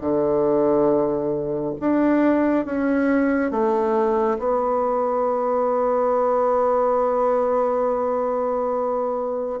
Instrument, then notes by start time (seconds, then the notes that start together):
bassoon
0.00 D3
1.80 D4
2.65 C#4
3.51 A3
4.38 B3